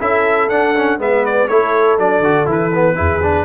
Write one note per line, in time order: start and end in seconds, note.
0.00 0.49 C#4
0.00 0.50 E4
0.00 0.99 A4
0.00 0.49 E5
0.49 0.98 D4
0.49 0.75 D4
0.49 0.99 F#5
0.75 0.99 C#4
0.98 1.48 G#3
0.98 1.49 B3
0.98 1.47 B4
0.98 1.25 E5
1.25 1.48 D5
1.47 1.98 A3
1.47 1.99 E4
1.47 2.96 A4
1.47 1.97 C#5
1.98 2.20 F#3
1.98 2.24 D4
1.98 2.49 D5
2.20 2.45 D3
2.20 2.46 F#4
2.46 2.97 E3
2.46 2.71 E4
2.46 3.45 B4
2.74 2.95 B3
2.95 3.45 E2
2.95 3.20 E4
2.95 3.45 G#4
3.23 3.45 D4